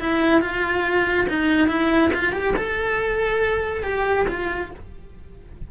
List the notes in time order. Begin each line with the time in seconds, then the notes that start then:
0.00 E4
0.41 F4
1.29 D#4
1.68 E4
2.14 F4
2.33 G4
2.56 A4
3.83 G4
4.28 F4